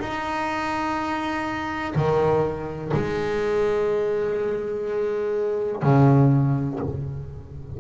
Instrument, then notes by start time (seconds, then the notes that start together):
double bass
0.00 D#4
1.95 D#3
2.93 G#3
5.82 C#3